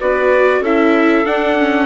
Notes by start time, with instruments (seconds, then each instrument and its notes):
0.00 bassoon B3, viola F#4, clarinet B4, trumpet D5
0.60 bassoon C#4, viola E4, clarinet A4, trumpet E5
1.25 viola D4, bassoon D4, trumpet F#5
1.58 viola C#4